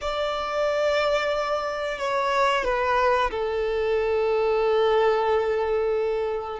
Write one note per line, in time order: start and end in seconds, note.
0.01 1.98 D5
1.98 2.64 C#5
2.64 3.30 B4
3.31 6.59 A4